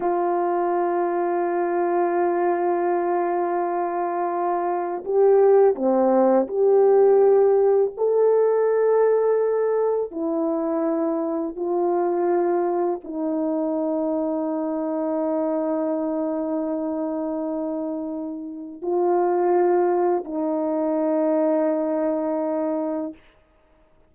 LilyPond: \new Staff \with { instrumentName = "horn" } { \time 4/4 \tempo 4 = 83 f'1~ | f'2. g'4 | c'4 g'2 a'4~ | a'2 e'2 |
f'2 dis'2~ | dis'1~ | dis'2 f'2 | dis'1 | }